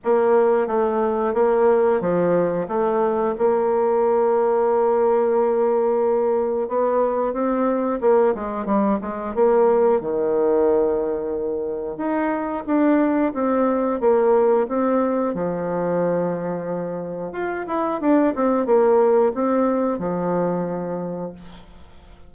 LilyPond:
\new Staff \with { instrumentName = "bassoon" } { \time 4/4 \tempo 4 = 90 ais4 a4 ais4 f4 | a4 ais2.~ | ais2 b4 c'4 | ais8 gis8 g8 gis8 ais4 dis4~ |
dis2 dis'4 d'4 | c'4 ais4 c'4 f4~ | f2 f'8 e'8 d'8 c'8 | ais4 c'4 f2 | }